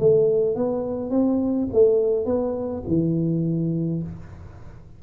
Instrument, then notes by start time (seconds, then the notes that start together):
tuba
0.00 A3
0.56 B3
1.11 C4
1.73 A3
2.26 B3
2.88 E3